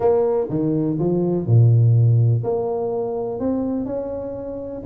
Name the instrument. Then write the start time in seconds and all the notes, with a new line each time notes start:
tuba
0.00 A#3
0.49 D#3
0.99 F3
1.46 A#2
2.43 A#3
3.39 C4
3.85 C#4